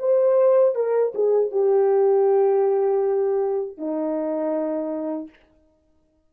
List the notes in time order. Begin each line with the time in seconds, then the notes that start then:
0.00 C5
0.76 A#4
1.15 G#4
1.52 G4
3.78 D#4